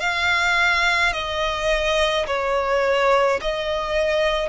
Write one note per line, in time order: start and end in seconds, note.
0.00 1.13 F5
1.13 2.26 D#5
2.27 3.40 C#5
3.42 4.49 D#5